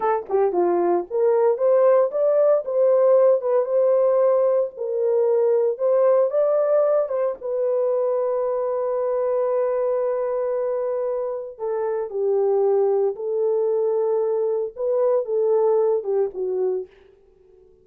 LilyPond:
\new Staff \with { instrumentName = "horn" } { \time 4/4 \tempo 4 = 114 a'8 g'8 f'4 ais'4 c''4 | d''4 c''4. b'8 c''4~ | c''4 ais'2 c''4 | d''4. c''8 b'2~ |
b'1~ | b'2 a'4 g'4~ | g'4 a'2. | b'4 a'4. g'8 fis'4 | }